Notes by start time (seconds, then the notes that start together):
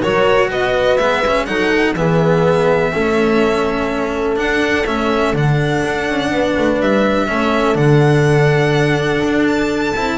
0.00 F#3 F#4 A#4 C#5
0.50 B3 B4 D#5
0.97 G#3 B3 E5
1.27 C#4
1.45 F#3 D#4 A4 F#5
1.95 E3 B3 G#4 E5
2.92 A3 C#4 A4
4.36 D4 F#5
4.86 A3 C#4 E5
5.33 D3 D4 F#5
5.85 D4
6.09 C#4
6.31 B3 B4
6.57 A3
6.80 G3 E5
7.27 A3 C#4 A4
7.74 D3 D4 F#5
9.22 D4
9.47 A5
9.96 C4 E4